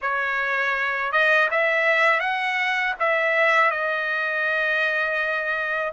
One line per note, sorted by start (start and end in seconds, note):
0.01 1.11 C#5
1.11 1.48 D#5
1.51 2.20 E5
2.20 2.94 F#5
2.99 3.70 E5
3.70 5.93 D#5